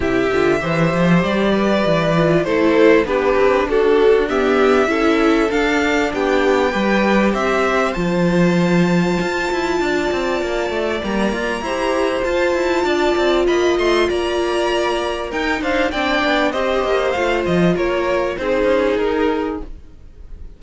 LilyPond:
<<
  \new Staff \with { instrumentName = "violin" } { \time 4/4 \tempo 4 = 98 e''2 d''2 | c''4 b'4 a'4 e''4~ | e''4 f''4 g''2 | e''4 a''2.~ |
a''2 ais''2 | a''2 b''8 c'''8 ais''4~ | ais''4 g''8 f''8 g''4 dis''4 | f''8 dis''8 cis''4 c''4 ais'4 | }
  \new Staff \with { instrumentName = "violin" } { \time 4/4 g'4 c''4. b'4. | a'4 g'4 fis'4 g'4 | a'2 g'4 b'4 | c''1 |
d''2. c''4~ | c''4 d''4 dis''4 d''4~ | d''4 ais'8 c''8 d''4 c''4~ | c''4 ais'4 gis'2 | }
  \new Staff \with { instrumentName = "viola" } { \time 4/4 e'8 f'8 g'2~ g'8 f'8 | e'4 d'2 b4 | e'4 d'2 g'4~ | g'4 f'2.~ |
f'2 ais4 g'4 | f'1~ | f'4 dis'4 d'4 g'4 | f'2 dis'2 | }
  \new Staff \with { instrumentName = "cello" } { \time 4/4 c8 d8 e8 f8 g4 e4 | a4 b8 c'8 d'2 | cis'4 d'4 b4 g4 | c'4 f2 f'8 e'8 |
d'8 c'8 ais8 a8 g8 f'8 e'4 | f'8 e'8 d'8 c'8 ais8 a8 ais4~ | ais4 dis'8 d'8 c'8 b8 c'8 ais8 | a8 f8 ais4 c'8 cis'8 dis'4 | }
>>